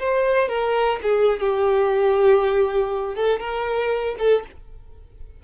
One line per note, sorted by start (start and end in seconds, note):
0.00 0.49 C5
0.49 1.00 A#4
1.03 1.41 G#4
1.41 3.16 G4
3.16 3.40 A4
3.40 4.17 A#4
4.19 4.44 A4